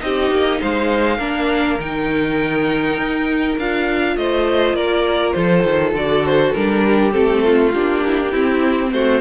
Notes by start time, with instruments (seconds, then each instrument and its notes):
0.00 cello C4, viola D#4, violin G4 D#5
0.31 cello A#3
0.61 cello G#3, violin C5 F5
1.18 cello A#3, viola D4, violin A#4
1.79 cello D#3, viola D#4, violin G5
2.98 cello D#4
3.58 cello D4, viola F4, violin F5
4.16 cello A3, violin C5 D#5
4.74 cello A#3, violin A#4 D5
5.33 cello F3, violin A4 C5
5.64 cello D#3
5.93 cello D3, viola F#4, violin D5
6.26 violin C5
6.53 cello G3, viola D4, violin A#4
6.86 violin G4
7.12 cello A3, viola C4, violin A4
7.45 violin F4
7.74 cello A#3, viola D4, violin G4
8.06 violin E4
8.20 violin D4
8.31 viola C4, cello C4, violin E4
8.92 cello A3, violin F#4 C5